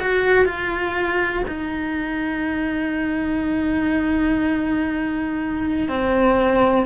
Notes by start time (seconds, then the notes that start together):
0.00 F#4
0.46 F4
1.48 D#4
5.89 C4